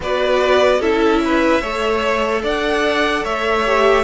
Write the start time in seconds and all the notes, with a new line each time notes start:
0.00 B3 F#4 B4 D5
0.80 C#4 E4 A4 E5
1.24 B4
1.61 A3 A4 C#5
2.42 D4 D5 F#5
3.23 A3 C#5 E5
3.65 G4